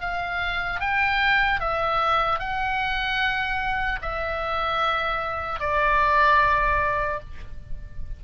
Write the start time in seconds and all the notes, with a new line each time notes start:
0.00 F5
0.80 G5
1.60 E5
2.39 F#5
4.01 E5
5.60 D5